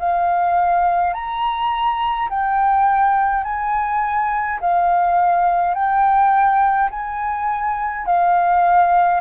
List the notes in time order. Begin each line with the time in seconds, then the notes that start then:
0.00 F5
1.14 A#5
2.30 G5
3.45 G#5
4.61 F5
5.75 G5
6.91 G#5
8.06 F5